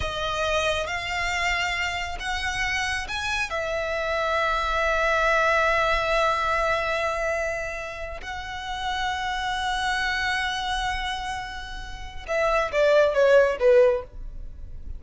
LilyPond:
\new Staff \with { instrumentName = "violin" } { \time 4/4 \tempo 4 = 137 dis''2 f''2~ | f''4 fis''2 gis''4 | e''1~ | e''1~ |
e''2~ e''8. fis''4~ fis''16~ | fis''1~ | fis''1 | e''4 d''4 cis''4 b'4 | }